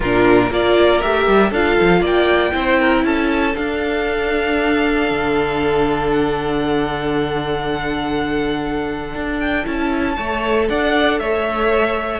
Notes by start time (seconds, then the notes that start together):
0.00 A#2 D4 F4 A#4
0.50 A#3 F4 A#4 D5
1.01 A3 G4 E5
1.27 G3
1.50 D4 F4 A4 F5
1.81 F3
2.00 A#3 D5 G5
2.51 C4 E4 C5
2.80 A#4
3.03 C#4 A4 A5
3.55 D4 F5
5.10 D3
6.10 F#5
9.14 D4
9.40 G5
9.64 C#4 E4 A5
10.16 A3 A4 C#5
10.69 D4 D5 F#5
11.19 A3 C#5 E5